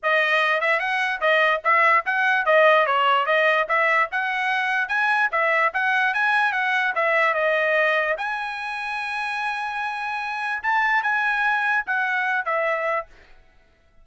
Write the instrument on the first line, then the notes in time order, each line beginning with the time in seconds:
trumpet
0.02 D#5
0.60 E5
0.79 F#5
1.20 D#5
1.64 E5
2.05 F#5
2.45 D#5
2.86 C#5
3.25 D#5
3.68 E5
4.11 F#5
4.88 G#5
5.31 E5
5.73 F#5
6.14 G#5
6.52 F#5
6.95 E5
7.34 D#5
8.17 G#5
10.62 A5
11.03 G#5
11.86 F#5
12.45 E5